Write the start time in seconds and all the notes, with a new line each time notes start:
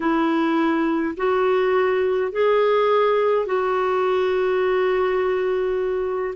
0.00 E4
1.16 F#4
2.31 G#4
3.46 F#4